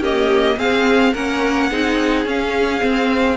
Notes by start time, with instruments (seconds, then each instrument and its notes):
0.00 viola A#3, cello C#4, violin G4 D#5
0.57 cello C4, viola C4, violin G#4 F5
1.14 cello A#3, viola C#4, violin A#4 F#5
1.70 cello C4, viola D#4, violin G#4
2.25 viola C#4, cello C#4, violin F5
2.81 viola C4, cello C4